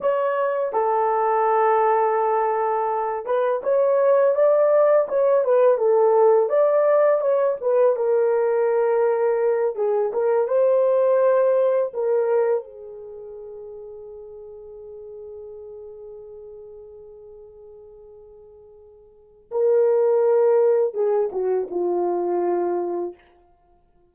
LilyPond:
\new Staff \with { instrumentName = "horn" } { \time 4/4 \tempo 4 = 83 cis''4 a'2.~ | a'8 b'8 cis''4 d''4 cis''8 b'8 | a'4 d''4 cis''8 b'8 ais'4~ | ais'4. gis'8 ais'8 c''4.~ |
c''8 ais'4 gis'2~ gis'8~ | gis'1~ | gis'2. ais'4~ | ais'4 gis'8 fis'8 f'2 | }